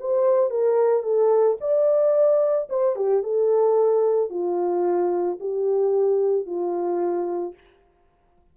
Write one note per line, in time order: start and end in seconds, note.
0.00 0.51 C5
0.51 1.03 A#4
1.03 1.57 A4
1.61 2.69 D5
2.70 2.96 C5
2.96 3.23 G4
3.23 4.30 A4
4.30 5.38 F4
5.40 6.47 G4
6.47 7.55 F4